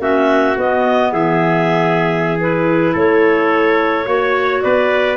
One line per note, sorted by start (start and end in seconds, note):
0.00 0.56 A#3
0.00 0.56 C#4
0.00 1.12 F#4
0.00 0.58 E5
0.57 1.13 B3
0.57 2.40 B3
0.57 1.13 D#5
1.12 2.95 E3
1.12 2.94 G#4
1.12 2.39 E5
2.40 4.06 E4
2.40 2.97 B4
2.94 4.07 A3
2.94 4.06 A4
2.94 4.62 C#5
4.06 4.63 A#3
4.06 5.17 F#4
4.06 4.63 C#5
4.62 5.17 B3
4.62 5.17 B4
4.62 5.17 D5